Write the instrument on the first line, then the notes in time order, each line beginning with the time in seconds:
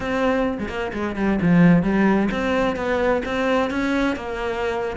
cello
0.00 C4
0.59 G#3
0.68 A#3
0.93 G#3
1.16 G3
1.41 F3
1.83 G3
2.31 C4
2.75 B3
3.25 C4
3.70 C#4
4.16 A#3